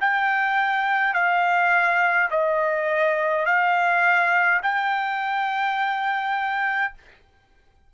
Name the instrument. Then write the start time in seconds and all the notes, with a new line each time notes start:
trumpet
0.00 G5
1.13 F5
2.30 D#5
3.45 F5
4.62 G5